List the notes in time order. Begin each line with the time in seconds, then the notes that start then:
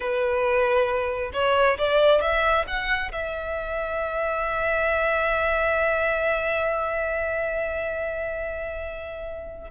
0.00 B4
1.33 C#5
1.78 D5
2.21 E5
2.67 F#5
3.11 E5